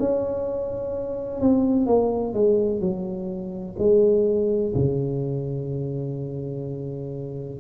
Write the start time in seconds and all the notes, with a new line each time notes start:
0.00 C#4
1.41 C4
1.87 A#3
2.34 G#3
2.81 F#3
3.79 G#3
4.75 C#3